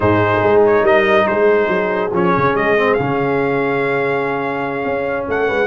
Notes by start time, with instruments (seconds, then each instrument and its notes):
0.00 tuba G#2, trombone D#4, horn G#4, trumpet C5
0.43 tuba G#3
0.65 trumpet C#5
0.82 tuba G3, horn A#4, trumpet D#5
1.27 tuba G#3, horn G#4, trumpet C5
1.68 tuba F#3
2.12 tuba F3, trombone C#4, trumpet C#5
2.37 tuba C#3
2.54 tuba G#3, trumpet D#5
2.77 trombone C4
2.94 tuba C#3, trombone C#4, trumpet F5
4.85 tuba C#4
5.28 tuba A3, horn A4, trumpet F#5
5.47 tuba G#3, horn B4